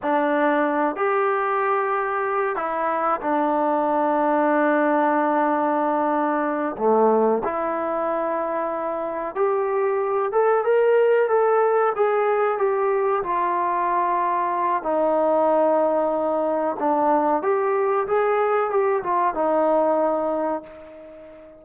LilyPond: \new Staff \with { instrumentName = "trombone" } { \time 4/4 \tempo 4 = 93 d'4. g'2~ g'8 | e'4 d'2.~ | d'2~ d'8 a4 e'8~ | e'2~ e'8 g'4. |
a'8 ais'4 a'4 gis'4 g'8~ | g'8 f'2~ f'8 dis'4~ | dis'2 d'4 g'4 | gis'4 g'8 f'8 dis'2 | }